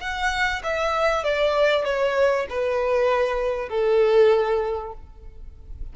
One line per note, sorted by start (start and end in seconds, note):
0.00 0.62 F#5
0.63 1.24 E5
1.24 1.85 D5
1.85 2.47 C#5
2.49 3.69 B4
3.69 4.93 A4